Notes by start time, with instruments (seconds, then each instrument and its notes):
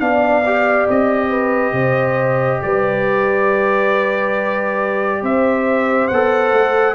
0.00 tuba B3, trombone D4, horn D5, trumpet F5
0.46 trombone G4
0.90 tuba C4, trumpet D#5
1.30 horn B4
1.73 tuba C3, horn C5
2.62 tuba G3, horn B4, trumpet D5
5.22 tuba C4, horn C5, trumpet E5
6.08 tuba B3, trombone A4, trumpet F#5
6.53 tuba A3